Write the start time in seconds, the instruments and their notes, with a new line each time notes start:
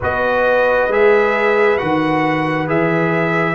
0.00 tuba B3, trombone F#4, horn B4, trumpet D#5
0.87 tuba G#3, trombone G#4, trumpet E5
1.77 tuba D#3, trombone F#4, trumpet F#5
2.67 tuba E3, trombone G#4, trumpet E5